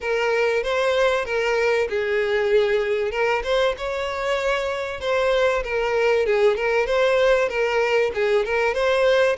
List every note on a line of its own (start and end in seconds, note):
0.01 0.63 A#4
0.63 1.25 C5
1.25 1.88 A#4
1.89 3.11 G#4
3.11 3.42 A#4
3.43 3.75 C5
3.77 5.00 C#5
5.00 5.62 C5
5.63 6.26 A#4
6.26 6.56 G#4
6.56 6.86 A#4
6.86 7.49 C5
7.49 8.11 A#4
8.14 8.45 G#4
8.45 8.73 A#4
8.73 9.36 C5